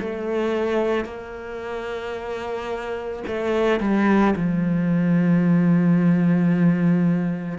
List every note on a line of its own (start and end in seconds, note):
0.00 1.05 A3
1.05 3.23 A#3
3.27 3.80 A3
3.80 4.34 G3
4.36 7.59 F3